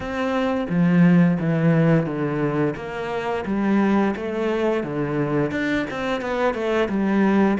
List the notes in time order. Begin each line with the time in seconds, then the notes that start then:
0.00 C4
0.69 F3
1.39 E3
2.05 D3
2.76 A#3
3.45 G3
4.16 A3
4.83 D3
5.51 D4
5.90 C4
6.21 B3
6.54 A3
6.88 G3